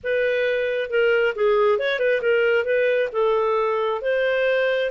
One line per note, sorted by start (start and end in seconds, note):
0.03 0.89 B4
0.89 1.34 A#4
1.35 1.79 G#4
1.79 1.99 C#5
1.99 2.21 B4
2.21 2.64 A#4
2.64 3.09 B4
3.12 4.01 A4
4.01 4.90 C5